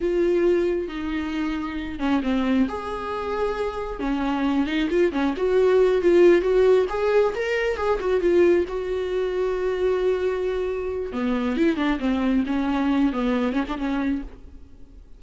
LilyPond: \new Staff \with { instrumentName = "viola" } { \time 4/4 \tempo 4 = 135 f'2 dis'2~ | dis'8 cis'8 c'4 gis'2~ | gis'4 cis'4. dis'8 f'8 cis'8 | fis'4. f'4 fis'4 gis'8~ |
gis'8 ais'4 gis'8 fis'8 f'4 fis'8~ | fis'1~ | fis'4 b4 e'8 d'8 c'4 | cis'4. b4 cis'16 d'16 cis'4 | }